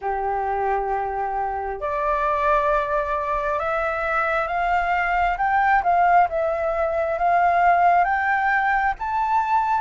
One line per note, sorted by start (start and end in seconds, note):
0.01 1.80 G4
1.80 3.59 D5
3.59 4.47 E5
4.47 5.37 F5
5.37 5.82 G5
5.82 6.27 F5
6.29 7.18 E5
7.18 8.04 F5
8.04 8.93 G5
8.99 9.81 A5